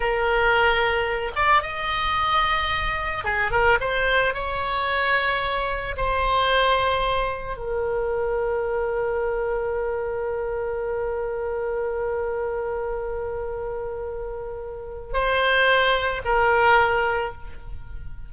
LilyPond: \new Staff \with { instrumentName = "oboe" } { \time 4/4 \tempo 4 = 111 ais'2~ ais'8 d''8 dis''4~ | dis''2 gis'8 ais'8 c''4 | cis''2. c''4~ | c''2 ais'2~ |
ais'1~ | ais'1~ | ais'1 | c''2 ais'2 | }